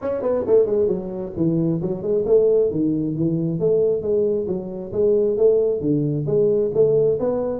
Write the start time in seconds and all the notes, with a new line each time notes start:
0.01 C#4
0.22 B3
0.46 A3
0.66 G#3
0.87 F#3
1.36 E3
1.81 F#3
2.02 G#3
2.26 A3
2.70 D#3
3.15 E3
3.59 A3
4.02 G#3
4.47 F#3
4.92 G#3
5.37 A3
5.81 D3
6.26 G#3
6.73 A3
7.19 B3